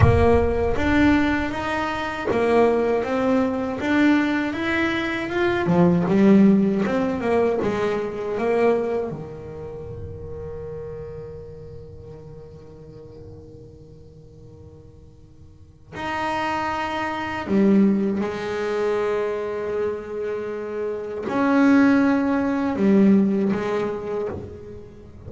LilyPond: \new Staff \with { instrumentName = "double bass" } { \time 4/4 \tempo 4 = 79 ais4 d'4 dis'4 ais4 | c'4 d'4 e'4 f'8 f8 | g4 c'8 ais8 gis4 ais4 | dis1~ |
dis1~ | dis4 dis'2 g4 | gis1 | cis'2 g4 gis4 | }